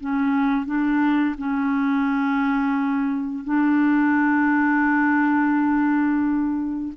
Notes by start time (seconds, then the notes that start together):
0.00 C#4
0.66 D4
1.38 C#4
3.44 D4